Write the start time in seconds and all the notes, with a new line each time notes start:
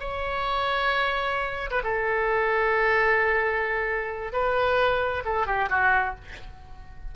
0.00 C#5
1.71 B4
1.84 A4
4.33 B4
5.25 A4
5.47 G4
5.70 F#4